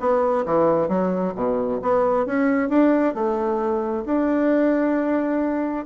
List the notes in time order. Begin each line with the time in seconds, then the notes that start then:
0.00 B3
0.46 E3
0.89 F#3
1.35 B2
1.82 B3
2.26 C#4
2.69 D4
3.14 A3
4.06 D4